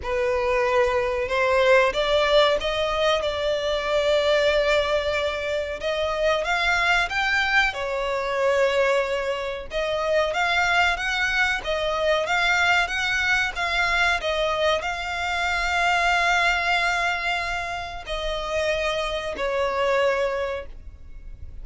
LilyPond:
\new Staff \with { instrumentName = "violin" } { \time 4/4 \tempo 4 = 93 b'2 c''4 d''4 | dis''4 d''2.~ | d''4 dis''4 f''4 g''4 | cis''2. dis''4 |
f''4 fis''4 dis''4 f''4 | fis''4 f''4 dis''4 f''4~ | f''1 | dis''2 cis''2 | }